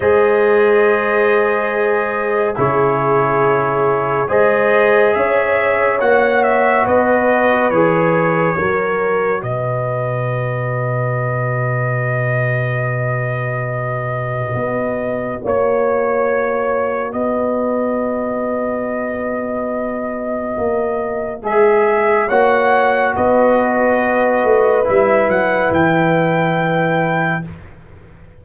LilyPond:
<<
  \new Staff \with { instrumentName = "trumpet" } { \time 4/4 \tempo 4 = 70 dis''2. cis''4~ | cis''4 dis''4 e''4 fis''8 e''8 | dis''4 cis''2 dis''4~ | dis''1~ |
dis''2 cis''2 | dis''1~ | dis''4 e''4 fis''4 dis''4~ | dis''4 e''8 fis''8 g''2 | }
  \new Staff \with { instrumentName = "horn" } { \time 4/4 c''2. gis'4~ | gis'4 c''4 cis''2 | b'2 ais'4 b'4~ | b'1~ |
b'2 cis''2 | b'1~ | b'2 cis''4 b'4~ | b'1 | }
  \new Staff \with { instrumentName = "trombone" } { \time 4/4 gis'2. e'4~ | e'4 gis'2 fis'4~ | fis'4 gis'4 fis'2~ | fis'1~ |
fis'1~ | fis'1~ | fis'4 gis'4 fis'2~ | fis'4 e'2. | }
  \new Staff \with { instrumentName = "tuba" } { \time 4/4 gis2. cis4~ | cis4 gis4 cis'4 ais4 | b4 e4 fis4 b,4~ | b,1~ |
b,4 b4 ais2 | b1 | ais4 gis4 ais4 b4~ | b8 a8 g8 fis8 e2 | }
>>